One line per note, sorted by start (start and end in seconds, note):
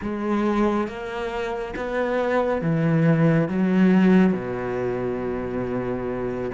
0.02 0.87 G#3
0.87 1.74 A#3
1.75 2.61 B3
2.61 3.48 E3
3.48 4.33 F#3
4.33 6.50 B2